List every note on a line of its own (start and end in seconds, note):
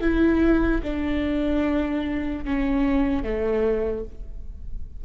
0.00 0.81 E4
0.83 2.44 D4
2.44 3.23 C#4
3.23 4.04 A3